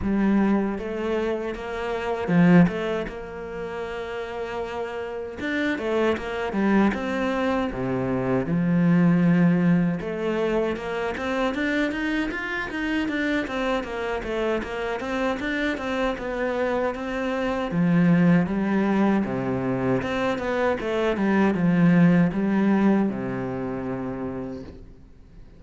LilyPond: \new Staff \with { instrumentName = "cello" } { \time 4/4 \tempo 4 = 78 g4 a4 ais4 f8 a8 | ais2. d'8 a8 | ais8 g8 c'4 c4 f4~ | f4 a4 ais8 c'8 d'8 dis'8 |
f'8 dis'8 d'8 c'8 ais8 a8 ais8 c'8 | d'8 c'8 b4 c'4 f4 | g4 c4 c'8 b8 a8 g8 | f4 g4 c2 | }